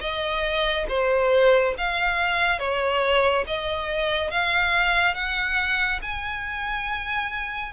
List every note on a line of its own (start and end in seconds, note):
0.00 0.86 D#5
0.88 1.74 C5
1.77 2.59 F5
2.59 3.44 C#5
3.46 4.30 D#5
4.30 5.14 F5
5.14 6.00 F#5
6.02 7.73 G#5